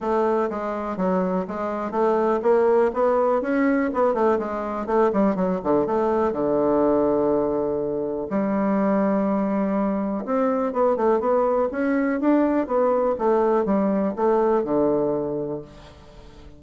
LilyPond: \new Staff \with { instrumentName = "bassoon" } { \time 4/4 \tempo 4 = 123 a4 gis4 fis4 gis4 | a4 ais4 b4 cis'4 | b8 a8 gis4 a8 g8 fis8 d8 | a4 d2.~ |
d4 g2.~ | g4 c'4 b8 a8 b4 | cis'4 d'4 b4 a4 | g4 a4 d2 | }